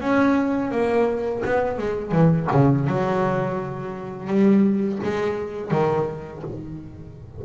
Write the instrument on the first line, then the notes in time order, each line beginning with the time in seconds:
double bass
0.00 C#4
0.71 A#3
1.45 B3
1.78 G#3
2.11 E3
2.51 C#3
2.87 F#3
4.27 G3
5.04 G#3
5.71 D#3